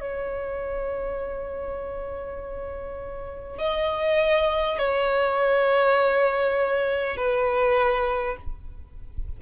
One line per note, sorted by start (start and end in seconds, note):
0.00 3.58 C#5
3.58 4.78 D#5
4.79 7.17 C#5
7.17 8.37 B4